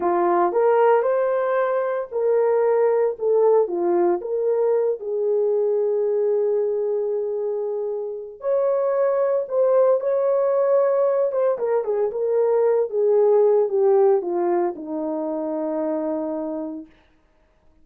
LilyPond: \new Staff \with { instrumentName = "horn" } { \time 4/4 \tempo 4 = 114 f'4 ais'4 c''2 | ais'2 a'4 f'4 | ais'4. gis'2~ gis'8~ | gis'1 |
cis''2 c''4 cis''4~ | cis''4. c''8 ais'8 gis'8 ais'4~ | ais'8 gis'4. g'4 f'4 | dis'1 | }